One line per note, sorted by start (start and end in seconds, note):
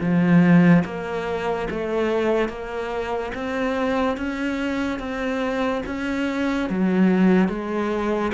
0.00 0.83 F3
0.84 1.68 A#3
1.70 2.48 A3
2.48 3.32 A#3
3.34 4.17 C4
4.17 4.99 C#4
4.99 5.82 C4
5.86 6.69 C#4
6.69 7.48 F#3
7.48 8.31 G#3